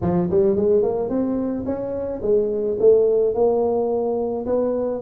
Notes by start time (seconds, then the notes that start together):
0.02 F3
0.30 G3
0.56 G#3
0.82 A#3
1.09 C4
1.65 C#4
2.22 G#3
2.79 A3
3.34 A#3
4.46 B3